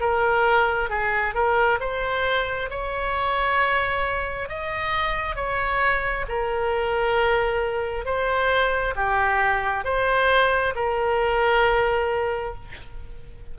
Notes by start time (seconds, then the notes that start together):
0.00 A#4
0.90 G#4
1.34 A#4
1.80 C5
2.69 C#5
4.48 D#5
5.35 C#5
6.28 A#4
8.05 C5
8.95 G4
9.84 C5
10.75 A#4